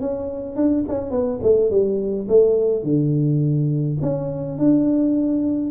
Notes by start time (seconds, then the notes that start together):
0.00 C#4
0.56 D4
0.88 C#4
1.11 B3
1.43 A3
1.70 G3
2.28 A3
2.83 D3
4.01 C#4
4.58 D4